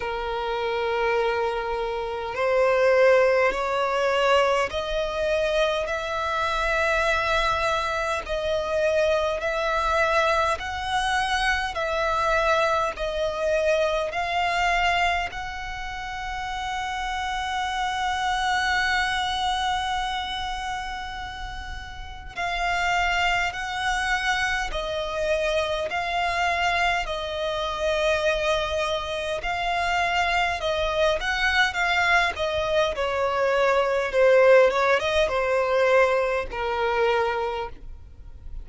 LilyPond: \new Staff \with { instrumentName = "violin" } { \time 4/4 \tempo 4 = 51 ais'2 c''4 cis''4 | dis''4 e''2 dis''4 | e''4 fis''4 e''4 dis''4 | f''4 fis''2.~ |
fis''2. f''4 | fis''4 dis''4 f''4 dis''4~ | dis''4 f''4 dis''8 fis''8 f''8 dis''8 | cis''4 c''8 cis''16 dis''16 c''4 ais'4 | }